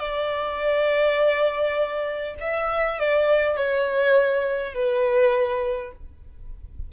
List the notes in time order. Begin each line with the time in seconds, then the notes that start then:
0.00 D5
2.41 E5
2.99 D5
3.57 C#5
4.74 B4